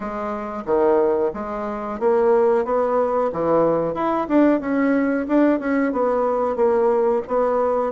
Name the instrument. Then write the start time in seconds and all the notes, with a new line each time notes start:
bassoon
0.00 G#3
0.65 D#3
1.33 G#3
1.99 A#3
2.64 B3
3.32 E3
3.94 E4
4.28 D4
4.60 C#4
5.27 D4
5.59 C#4
5.92 B3
6.55 A#3
7.27 B3